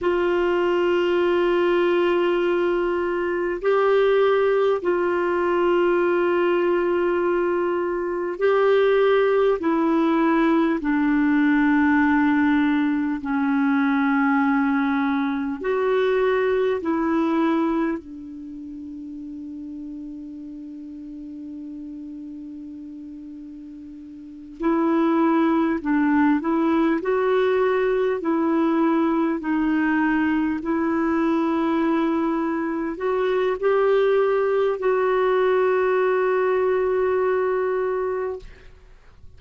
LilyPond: \new Staff \with { instrumentName = "clarinet" } { \time 4/4 \tempo 4 = 50 f'2. g'4 | f'2. g'4 | e'4 d'2 cis'4~ | cis'4 fis'4 e'4 d'4~ |
d'1~ | d'8 e'4 d'8 e'8 fis'4 e'8~ | e'8 dis'4 e'2 fis'8 | g'4 fis'2. | }